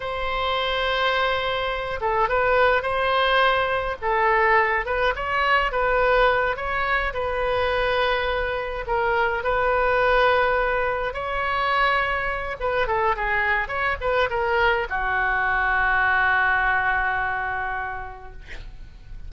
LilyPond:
\new Staff \with { instrumentName = "oboe" } { \time 4/4 \tempo 4 = 105 c''2.~ c''8 a'8 | b'4 c''2 a'4~ | a'8 b'8 cis''4 b'4. cis''8~ | cis''8 b'2. ais'8~ |
ais'8 b'2. cis''8~ | cis''2 b'8 a'8 gis'4 | cis''8 b'8 ais'4 fis'2~ | fis'1 | }